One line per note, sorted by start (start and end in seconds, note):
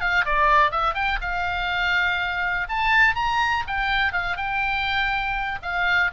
0.00 0.24 F5
0.25 0.71 D5
0.71 0.94 E5
0.94 1.18 G5
1.21 2.67 F5
2.68 3.15 A5
3.15 3.64 A#5
3.67 4.12 G5
4.12 4.37 F5
4.37 5.59 G5
5.62 6.11 F5